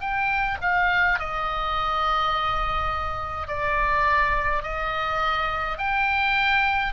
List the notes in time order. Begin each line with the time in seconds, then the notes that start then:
0.00 G5
0.61 F5
1.19 D#5
3.47 D5
4.63 D#5
5.78 G5